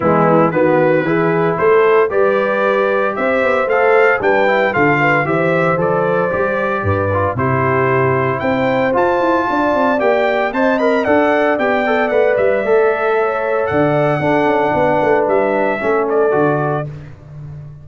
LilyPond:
<<
  \new Staff \with { instrumentName = "trumpet" } { \time 4/4 \tempo 4 = 114 e'4 b'2 c''4 | d''2 e''4 f''4 | g''4 f''4 e''4 d''4~ | d''2 c''2 |
g''4 a''2 g''4 | a''8 b''8 fis''4 g''4 fis''8 e''8~ | e''2 fis''2~ | fis''4 e''4. d''4. | }
  \new Staff \with { instrumentName = "horn" } { \time 4/4 b4 fis'4 gis'4 a'4 | b'2 c''2 | b'4 a'8 b'8 c''2~ | c''4 b'4 g'2 |
c''2 d''2 | dis''4 d''2.~ | d''4 cis''4 d''4 a'4 | b'2 a'2 | }
  \new Staff \with { instrumentName = "trombone" } { \time 4/4 gis4 b4 e'2 | g'2. a'4 | d'8 e'8 f'4 g'4 a'4 | g'4. f'8 e'2~ |
e'4 f'2 g'4 | c''8 ais'8 a'4 g'8 a'8 b'4 | a'2. d'4~ | d'2 cis'4 fis'4 | }
  \new Staff \with { instrumentName = "tuba" } { \time 4/4 e4 dis4 e4 a4 | g2 c'8 b8 a4 | g4 d4 e4 f4 | g4 g,4 c2 |
c'4 f'8 e'8 d'8 c'8 ais4 | c'4 d'4 b4 a8 g8 | a2 d4 d'8 cis'8 | b8 a8 g4 a4 d4 | }
>>